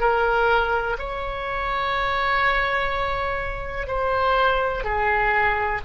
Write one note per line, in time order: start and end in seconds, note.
0.00 0.97 A#4
0.99 3.88 C#5
3.88 4.84 C5
4.84 5.81 G#4